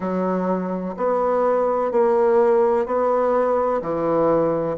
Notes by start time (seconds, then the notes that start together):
0.00 F#3
0.96 B3
1.91 A#3
2.86 B3
3.81 E3